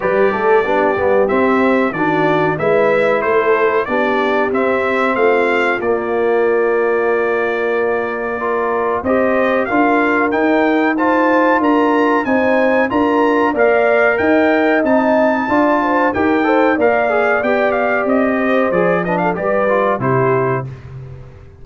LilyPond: <<
  \new Staff \with { instrumentName = "trumpet" } { \time 4/4 \tempo 4 = 93 d''2 e''4 d''4 | e''4 c''4 d''4 e''4 | f''4 d''2.~ | d''2 dis''4 f''4 |
g''4 a''4 ais''4 gis''4 | ais''4 f''4 g''4 a''4~ | a''4 g''4 f''4 g''8 f''8 | dis''4 d''8 dis''16 f''16 d''4 c''4 | }
  \new Staff \with { instrumentName = "horn" } { \time 4/4 b'8 a'8 g'2 fis'4 | b'4 a'4 g'2 | f'1~ | f'4 ais'4 c''4 ais'4~ |
ais'4 c''4 ais'4 c''4 | ais'4 d''4 dis''2 | d''8 c''8 ais'8 c''8 d''2~ | d''8 c''4 b'16 a'16 b'4 g'4 | }
  \new Staff \with { instrumentName = "trombone" } { \time 4/4 g'4 d'8 b8 c'4 d'4 | e'2 d'4 c'4~ | c'4 ais2.~ | ais4 f'4 g'4 f'4 |
dis'4 f'2 dis'4 | f'4 ais'2 dis'4 | f'4 g'8 a'8 ais'8 gis'8 g'4~ | g'4 gis'8 d'8 g'8 f'8 e'4 | }
  \new Staff \with { instrumentName = "tuba" } { \time 4/4 g8 a8 b8 g8 c'4 dis4 | gis4 a4 b4 c'4 | a4 ais2.~ | ais2 c'4 d'4 |
dis'2 d'4 c'4 | d'4 ais4 dis'4 c'4 | d'4 dis'4 ais4 b4 | c'4 f4 g4 c4 | }
>>